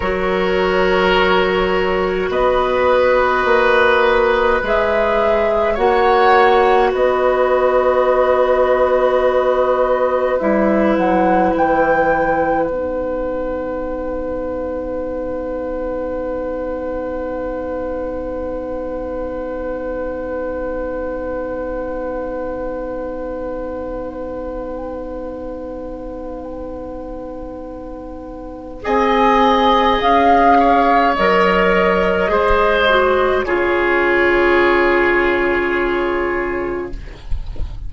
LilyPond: <<
  \new Staff \with { instrumentName = "flute" } { \time 4/4 \tempo 4 = 52 cis''2 dis''2 | e''4 fis''4 dis''2~ | dis''4 e''8 fis''8 g''4 fis''4~ | fis''1~ |
fis''1~ | fis''1~ | fis''4 gis''4 f''4 dis''4~ | dis''4 cis''2. | }
  \new Staff \with { instrumentName = "oboe" } { \time 4/4 ais'2 b'2~ | b'4 cis''4 b'2~ | b'1~ | b'1~ |
b'1~ | b'1~ | b'4 dis''4. cis''4. | c''4 gis'2. | }
  \new Staff \with { instrumentName = "clarinet" } { \time 4/4 fis'1 | gis'4 fis'2.~ | fis'4 e'2 dis'4~ | dis'1~ |
dis'1~ | dis'1~ | dis'4 gis'2 ais'4 | gis'8 fis'8 f'2. | }
  \new Staff \with { instrumentName = "bassoon" } { \time 4/4 fis2 b4 ais4 | gis4 ais4 b2~ | b4 g8 fis8 e4 b4~ | b1~ |
b1~ | b1~ | b4 c'4 cis'4 fis4 | gis4 cis2. | }
>>